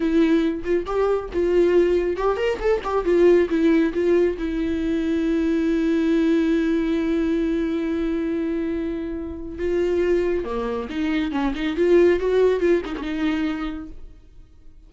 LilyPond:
\new Staff \with { instrumentName = "viola" } { \time 4/4 \tempo 4 = 138 e'4. f'8 g'4 f'4~ | f'4 g'8 ais'8 a'8 g'8 f'4 | e'4 f'4 e'2~ | e'1~ |
e'1~ | e'2 f'2 | ais4 dis'4 cis'8 dis'8 f'4 | fis'4 f'8 dis'16 cis'16 dis'2 | }